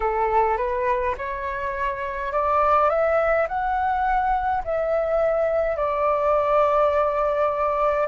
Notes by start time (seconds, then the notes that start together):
0.00 A4
0.57 B4
1.17 C#5
2.32 D5
2.89 E5
3.48 F#5
4.64 E5
5.76 D5